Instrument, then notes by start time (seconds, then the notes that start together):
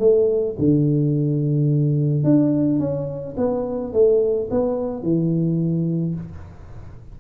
tuba
0.00 A3
0.59 D3
2.24 D4
2.80 C#4
3.37 B3
3.93 A3
4.51 B3
5.03 E3